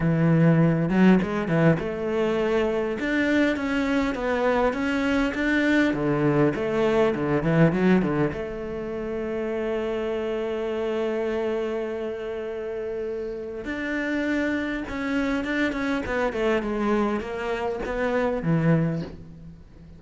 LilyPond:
\new Staff \with { instrumentName = "cello" } { \time 4/4 \tempo 4 = 101 e4. fis8 gis8 e8 a4~ | a4 d'4 cis'4 b4 | cis'4 d'4 d4 a4 | d8 e8 fis8 d8 a2~ |
a1~ | a2. d'4~ | d'4 cis'4 d'8 cis'8 b8 a8 | gis4 ais4 b4 e4 | }